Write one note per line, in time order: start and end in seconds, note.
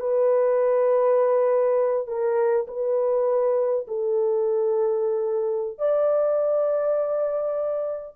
0.00 2.07 B4
2.07 2.67 A#4
2.68 3.86 B4
3.88 5.79 A4
5.79 8.16 D5